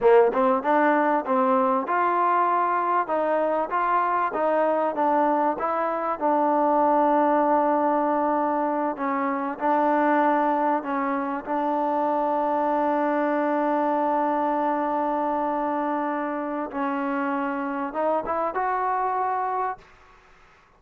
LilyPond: \new Staff \with { instrumentName = "trombone" } { \time 4/4 \tempo 4 = 97 ais8 c'8 d'4 c'4 f'4~ | f'4 dis'4 f'4 dis'4 | d'4 e'4 d'2~ | d'2~ d'8 cis'4 d'8~ |
d'4. cis'4 d'4.~ | d'1~ | d'2. cis'4~ | cis'4 dis'8 e'8 fis'2 | }